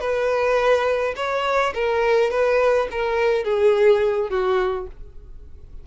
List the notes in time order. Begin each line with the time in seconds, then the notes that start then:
0.00 B4
1.16 C#5
1.74 A#4
2.30 B4
2.91 A#4
3.44 G#4
4.30 F#4